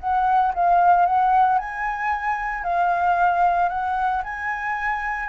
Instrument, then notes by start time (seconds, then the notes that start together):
flute
0.00 F#5
0.54 F5
1.06 F#5
1.58 G#5
2.64 F5
3.69 F#5
4.24 G#5